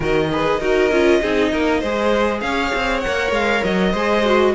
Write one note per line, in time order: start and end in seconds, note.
0.00 0.60 D#3
0.00 0.29 F#4
0.00 0.29 A#4
0.00 2.40 D#5
0.31 0.61 G#4
0.31 0.59 B4
0.59 0.90 D#4
0.59 0.91 F#4
0.59 1.20 A#4
0.90 1.21 C#4
0.90 1.22 F4
1.21 1.53 C4
1.21 1.83 D#4
1.21 1.51 G#4
1.52 1.82 A#3
1.52 1.80 A#4
1.80 2.41 G#3
1.80 3.05 G#4
1.80 2.40 C5
2.40 2.72 C#4
2.40 3.91 C#5
2.40 3.00 F5
2.74 3.04 C4
3.00 3.96 A#4
3.00 3.30 F#5
3.07 3.30 A#3
3.30 3.61 G#3
3.30 3.64 F5
3.64 3.93 F#3
3.64 4.54 D#5
3.91 4.54 G#3
3.91 4.25 G#4
3.91 4.52 C5
4.25 4.54 F#4